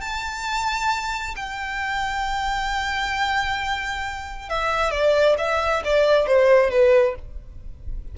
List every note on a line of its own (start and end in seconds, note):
0.00 1.34 A5
1.36 4.49 G5
4.49 4.91 E5
4.91 5.35 D5
5.38 5.82 E5
5.84 6.26 D5
6.26 6.70 C5
6.70 7.15 B4